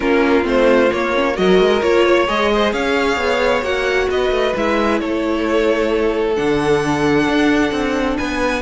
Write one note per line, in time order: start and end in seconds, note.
0.00 0.45 A#3
0.00 0.43 C#4
0.00 1.36 F4
0.00 0.44 A#4
0.43 0.90 A3
0.43 0.88 C4
0.43 0.92 C5
0.90 1.13 A#3
0.90 1.38 A#3
0.90 1.36 C#5
1.15 1.34 C#4
1.34 1.59 F#3
1.34 1.79 F#4
1.34 2.06 A#4
1.34 1.82 D#5
1.59 1.82 G#3
1.81 2.28 A#3
1.81 2.27 F4
1.81 2.27 C#5
2.06 2.51 C#5
2.27 2.72 G#3
2.27 3.63 G#4
2.27 2.72 D#5
2.54 2.73 C5
2.72 3.17 C#4
2.72 4.09 C#5
2.72 3.63 F5
3.17 3.62 B3
3.62 4.07 A#3
3.62 4.54 F#4
3.62 4.09 F#5
4.09 4.30 B3
4.09 5.00 B4
4.09 4.56 D#5
4.30 4.53 A3
4.55 5.01 G#3
4.55 6.35 E4
4.55 4.99 E5
4.99 6.37 A3
4.99 8.17 A4
4.99 6.35 C#5
6.35 7.27 D3
6.35 8.62 D4
6.35 8.17 F#5
7.27 7.71 D4
7.71 8.17 C4
8.17 8.62 B3
8.17 8.62 B4
8.17 8.62 G#5